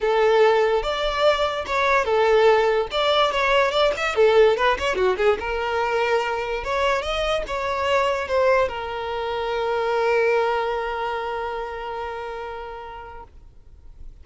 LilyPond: \new Staff \with { instrumentName = "violin" } { \time 4/4 \tempo 4 = 145 a'2 d''2 | cis''4 a'2 d''4 | cis''4 d''8 e''8 a'4 b'8 cis''8 | fis'8 gis'8 ais'2. |
cis''4 dis''4 cis''2 | c''4 ais'2.~ | ais'1~ | ais'1 | }